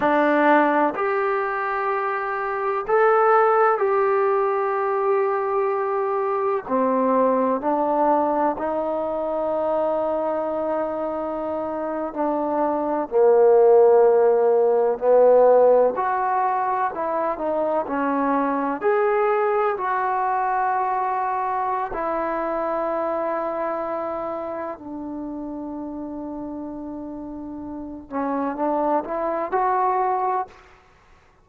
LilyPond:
\new Staff \with { instrumentName = "trombone" } { \time 4/4 \tempo 4 = 63 d'4 g'2 a'4 | g'2. c'4 | d'4 dis'2.~ | dis'8. d'4 ais2 b16~ |
b8. fis'4 e'8 dis'8 cis'4 gis'16~ | gis'8. fis'2~ fis'16 e'4~ | e'2 d'2~ | d'4. cis'8 d'8 e'8 fis'4 | }